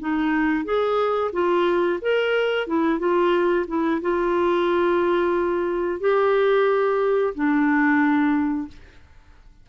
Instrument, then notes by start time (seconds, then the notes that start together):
clarinet
0.00 D#4
0.65 G#4
1.33 F4
2.02 A#4
2.67 E4
2.99 F4
3.68 E4
4.02 F4
6.01 G4
7.35 D4